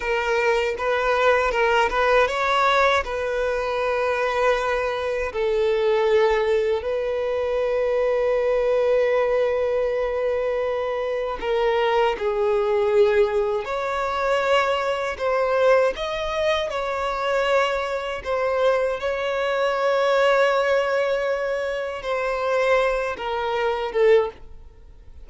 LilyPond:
\new Staff \with { instrumentName = "violin" } { \time 4/4 \tempo 4 = 79 ais'4 b'4 ais'8 b'8 cis''4 | b'2. a'4~ | a'4 b'2.~ | b'2. ais'4 |
gis'2 cis''2 | c''4 dis''4 cis''2 | c''4 cis''2.~ | cis''4 c''4. ais'4 a'8 | }